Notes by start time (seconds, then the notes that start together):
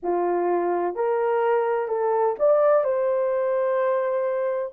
0.02 F4
0.95 A#4
1.88 A4
2.39 D5
2.83 C5